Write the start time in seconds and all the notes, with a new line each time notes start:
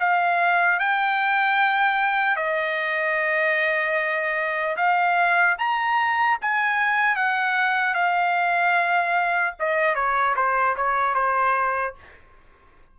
0.00 F5
0.80 G5
2.36 D#5
4.77 F5
5.59 A#5
6.41 G#5
7.16 F#5
7.94 F5
9.60 D#5
9.95 C#5
10.36 C5
10.76 C#5
11.15 C5